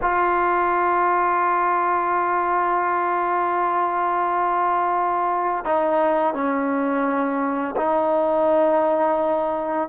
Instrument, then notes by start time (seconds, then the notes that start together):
trombone
0.01 F4
5.65 D#4
6.33 C#4
7.76 D#4